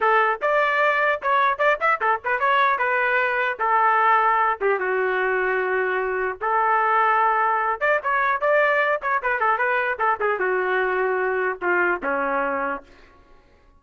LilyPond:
\new Staff \with { instrumentName = "trumpet" } { \time 4/4 \tempo 4 = 150 a'4 d''2 cis''4 | d''8 e''8 a'8 b'8 cis''4 b'4~ | b'4 a'2~ a'8 g'8 | fis'1 |
a'2.~ a'8 d''8 | cis''4 d''4. cis''8 b'8 a'8 | b'4 a'8 gis'8 fis'2~ | fis'4 f'4 cis'2 | }